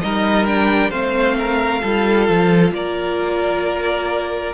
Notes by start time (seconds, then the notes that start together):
0.00 G3 D#4 A#4 D#5
0.46 D4 G5
0.90 A3 C4 C5 F5
1.38 A#4
1.81 G3 F4 A4
2.29 F3
2.71 A#3 A#4 D5